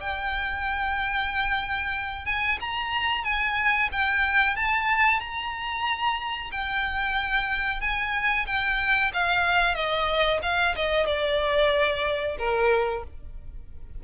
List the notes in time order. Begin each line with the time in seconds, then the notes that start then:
0.00 G5
2.26 G#5
2.60 A#5
3.24 G#5
3.92 G5
4.56 A5
5.20 A#5
6.51 G5
7.81 G#5
8.46 G5
9.13 F5
9.75 D#5
10.42 F5
10.75 D#5
11.06 D5
12.38 A#4